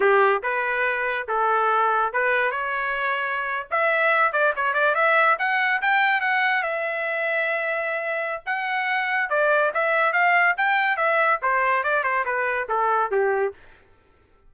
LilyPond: \new Staff \with { instrumentName = "trumpet" } { \time 4/4 \tempo 4 = 142 g'4 b'2 a'4~ | a'4 b'4 cis''2~ | cis''8. e''4. d''8 cis''8 d''8 e''16~ | e''8. fis''4 g''4 fis''4 e''16~ |
e''1 | fis''2 d''4 e''4 | f''4 g''4 e''4 c''4 | d''8 c''8 b'4 a'4 g'4 | }